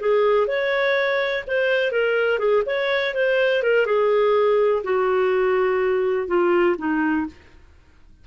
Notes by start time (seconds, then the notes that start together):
0.00 G#4
0.47 C#5
1.47 C5
1.91 A#4
2.38 G#4
2.66 C#5
3.14 C5
3.62 A#4
3.86 G#4
4.83 F#4
6.27 F4
6.78 D#4